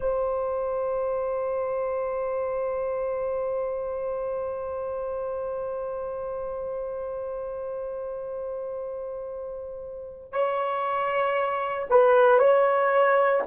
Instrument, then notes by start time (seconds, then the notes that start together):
horn
0.00 C5
10.32 C#5
11.90 B4
12.39 C#5